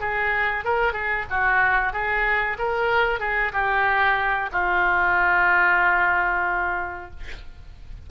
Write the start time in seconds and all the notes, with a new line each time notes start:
0.00 G#4
0.64 A#4
0.93 G#4
1.30 F#4
1.93 G#4
2.58 A#4
3.20 G#4
3.53 G4
4.52 F4